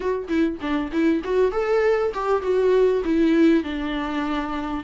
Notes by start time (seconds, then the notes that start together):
0.00 F#4
0.28 E4
0.61 D4
0.92 E4
1.23 F#4
1.51 A4
2.13 G4
2.41 F#4
3.05 E4
3.63 D4